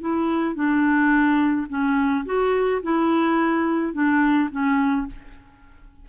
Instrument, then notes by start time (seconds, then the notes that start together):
clarinet
0.00 E4
0.55 D4
1.69 C#4
2.25 F#4
2.82 E4
3.93 D4
4.51 C#4